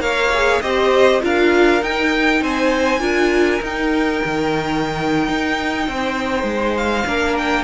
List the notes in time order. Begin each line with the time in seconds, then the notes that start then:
0.00 A#3 A#4 C#5 F5
0.34 G#4
0.62 C4 G4 C5 D#5
1.22 D4 F4 A#4 F5
1.82 D#4 G5
2.42 C4 C5 G#5
3.00 D4 F4 A#4
3.62 D#4 G5
4.25 D#3
5.29 D#4
5.88 C4 C5
6.44 G#3
6.77 F5
7.06 A#3 D4 A#4
7.39 G5